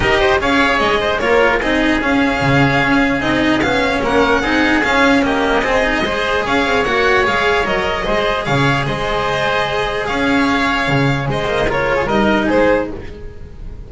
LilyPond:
<<
  \new Staff \with { instrumentName = "violin" } { \time 4/4 \tempo 4 = 149 dis''4 f''4 dis''4 cis''4 | dis''4 f''2. | dis''4 f''4 fis''2 | f''4 dis''2. |
f''4 fis''4 f''4 dis''4~ | dis''4 f''4 dis''2~ | dis''4 f''2. | dis''4 cis''4 dis''4 c''4 | }
  \new Staff \with { instrumentName = "oboe" } { \time 4/4 ais'8 c''8 cis''4. c''8 ais'4 | gis'1~ | gis'2 ais'4 gis'4~ | gis'4 g'4 gis'4 c''4 |
cis''1 | c''4 cis''4 c''2~ | c''4 cis''2. | c''4 ais'8. gis'16 ais'4 gis'4 | }
  \new Staff \with { instrumentName = "cello" } { \time 4/4 g'4 gis'2 f'4 | dis'4 cis'2. | dis'4 cis'2 dis'4 | cis'4 ais4 c'8 dis'8 gis'4~ |
gis'4 fis'4 gis'4 ais'4 | gis'1~ | gis'1~ | gis'8 ais8 f'4 dis'2 | }
  \new Staff \with { instrumentName = "double bass" } { \time 4/4 dis'4 cis'4 gis4 ais4 | c'4 cis'4 cis4 cis'4 | c'4 b4 ais4 c'4 | cis'2 c'4 gis4 |
cis'8 c'8 ais4 gis4 fis4 | gis4 cis4 gis2~ | gis4 cis'2 cis4 | gis2 g4 gis4 | }
>>